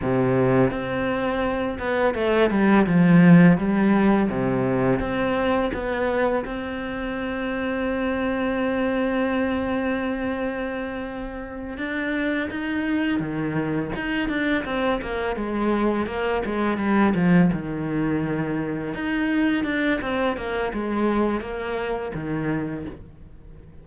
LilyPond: \new Staff \with { instrumentName = "cello" } { \time 4/4 \tempo 4 = 84 c4 c'4. b8 a8 g8 | f4 g4 c4 c'4 | b4 c'2.~ | c'1~ |
c'8 d'4 dis'4 dis4 dis'8 | d'8 c'8 ais8 gis4 ais8 gis8 g8 | f8 dis2 dis'4 d'8 | c'8 ais8 gis4 ais4 dis4 | }